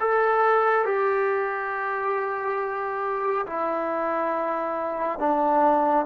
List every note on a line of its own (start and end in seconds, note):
0.00 0.85 A4
0.85 3.46 G4
3.46 5.19 E4
5.19 6.06 D4